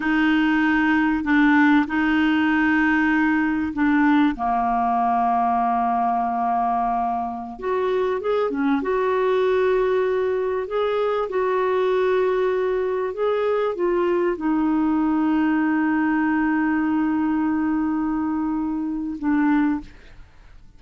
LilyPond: \new Staff \with { instrumentName = "clarinet" } { \time 4/4 \tempo 4 = 97 dis'2 d'4 dis'4~ | dis'2 d'4 ais4~ | ais1~ | ais16 fis'4 gis'8 cis'8 fis'4.~ fis'16~ |
fis'4~ fis'16 gis'4 fis'4.~ fis'16~ | fis'4~ fis'16 gis'4 f'4 dis'8.~ | dis'1~ | dis'2. d'4 | }